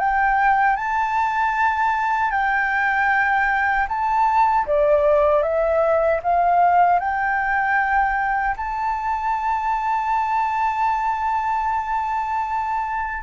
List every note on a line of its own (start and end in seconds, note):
0.00 0.77 G5
0.77 2.32 A5
2.32 3.87 G5
3.89 4.66 A5
4.67 5.43 D5
5.43 6.21 E5
6.23 7.00 F5
7.00 8.56 G5
8.57 13.24 A5